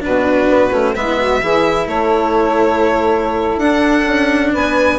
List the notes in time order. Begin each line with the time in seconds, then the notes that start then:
0.00 B2 D4 F#4 B4
0.49 B3
0.72 A3 C#4
0.95 G#3 B3 E4 E5
1.20 F#4
1.42 E3 E4 G#4
1.86 A3 A4 C#5
3.56 D4 F#5
4.06 C#4
4.51 B3 B4 G#5